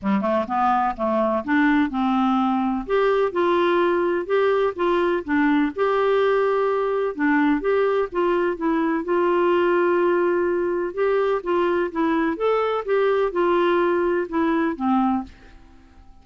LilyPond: \new Staff \with { instrumentName = "clarinet" } { \time 4/4 \tempo 4 = 126 g8 a8 b4 a4 d'4 | c'2 g'4 f'4~ | f'4 g'4 f'4 d'4 | g'2. d'4 |
g'4 f'4 e'4 f'4~ | f'2. g'4 | f'4 e'4 a'4 g'4 | f'2 e'4 c'4 | }